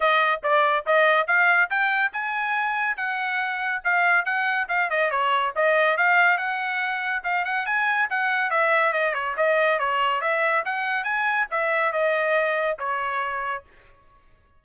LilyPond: \new Staff \with { instrumentName = "trumpet" } { \time 4/4 \tempo 4 = 141 dis''4 d''4 dis''4 f''4 | g''4 gis''2 fis''4~ | fis''4 f''4 fis''4 f''8 dis''8 | cis''4 dis''4 f''4 fis''4~ |
fis''4 f''8 fis''8 gis''4 fis''4 | e''4 dis''8 cis''8 dis''4 cis''4 | e''4 fis''4 gis''4 e''4 | dis''2 cis''2 | }